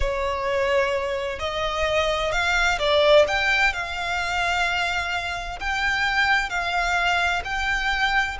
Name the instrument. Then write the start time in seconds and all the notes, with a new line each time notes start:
violin
0.00 C#5
1.39 D#5
2.32 F5
2.79 D5
3.27 G5
3.73 F5
5.59 G5
6.49 F5
7.44 G5